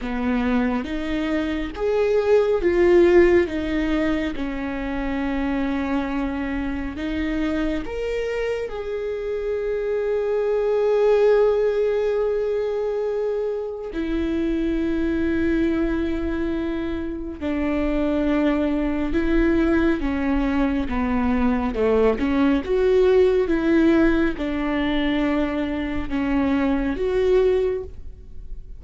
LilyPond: \new Staff \with { instrumentName = "viola" } { \time 4/4 \tempo 4 = 69 b4 dis'4 gis'4 f'4 | dis'4 cis'2. | dis'4 ais'4 gis'2~ | gis'1 |
e'1 | d'2 e'4 cis'4 | b4 a8 cis'8 fis'4 e'4 | d'2 cis'4 fis'4 | }